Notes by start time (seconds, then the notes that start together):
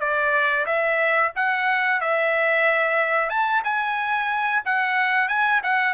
0.00 D5
0.66 E5
1.36 F#5
2.01 E5
3.30 A5
3.64 G#5
4.65 F#5
5.29 G#5
5.64 F#5